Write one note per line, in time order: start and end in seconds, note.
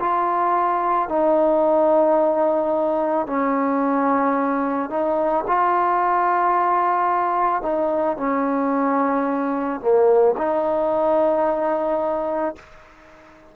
0.00 1.09 F4
1.09 3.27 D#4
3.27 4.90 C#4
4.90 5.45 D#4
5.48 7.63 F4
7.63 8.17 D#4
8.17 9.81 C#4
9.81 10.35 A#3
10.37 12.56 D#4